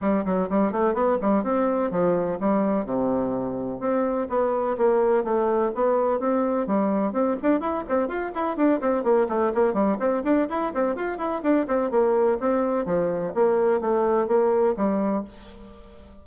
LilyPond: \new Staff \with { instrumentName = "bassoon" } { \time 4/4 \tempo 4 = 126 g8 fis8 g8 a8 b8 g8 c'4 | f4 g4 c2 | c'4 b4 ais4 a4 | b4 c'4 g4 c'8 d'8 |
e'8 c'8 f'8 e'8 d'8 c'8 ais8 a8 | ais8 g8 c'8 d'8 e'8 c'8 f'8 e'8 | d'8 c'8 ais4 c'4 f4 | ais4 a4 ais4 g4 | }